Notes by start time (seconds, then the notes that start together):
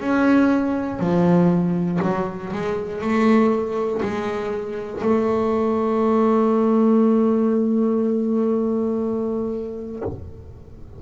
0.00 C#4
1.00 F3
2.03 F#3
2.53 G#3
3.02 A3
4.03 G#3
5.02 A3